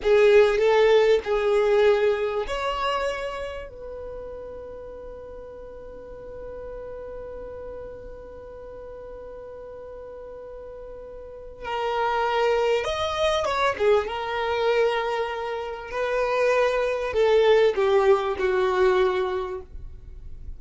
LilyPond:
\new Staff \with { instrumentName = "violin" } { \time 4/4 \tempo 4 = 98 gis'4 a'4 gis'2 | cis''2 b'2~ | b'1~ | b'1~ |
b'2. ais'4~ | ais'4 dis''4 cis''8 gis'8 ais'4~ | ais'2 b'2 | a'4 g'4 fis'2 | }